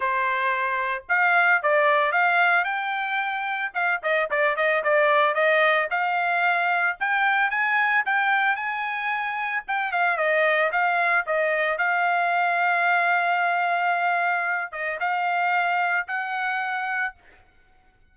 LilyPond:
\new Staff \with { instrumentName = "trumpet" } { \time 4/4 \tempo 4 = 112 c''2 f''4 d''4 | f''4 g''2 f''8 dis''8 | d''8 dis''8 d''4 dis''4 f''4~ | f''4 g''4 gis''4 g''4 |
gis''2 g''8 f''8 dis''4 | f''4 dis''4 f''2~ | f''2.~ f''8 dis''8 | f''2 fis''2 | }